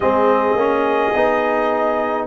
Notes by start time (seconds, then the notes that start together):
0.00 G#3 C4 G#4 D#5
0.54 A#3 C#4
1.15 B3 D#4